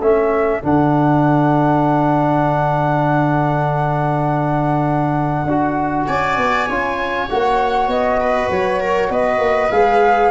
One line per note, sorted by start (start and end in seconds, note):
0.00 0.61 A3
0.00 0.62 C#4
0.00 6.08 A4
0.00 0.61 E5
0.62 5.45 D3
0.62 5.47 D4
0.62 6.07 F#5
5.45 6.05 D4
5.45 6.69 F#4
6.07 6.37 C#4
6.07 6.67 D5
6.07 7.28 G#5
6.37 6.67 B3
6.67 7.29 C#4
6.67 7.29 F4
6.67 8.18 C#5
7.28 7.87 A#3
7.28 9.71 F#4
7.28 7.89 F#5
7.87 8.48 B3
7.87 8.49 D#5
8.20 8.80 B4
8.50 9.10 F#3
8.50 9.11 C#5
8.80 9.11 A#4
9.10 9.39 B3
9.10 10.31 B4
9.10 9.71 D#5
9.39 9.69 A#3
9.71 10.31 G#3
9.71 10.31 G#4
9.71 10.31 F5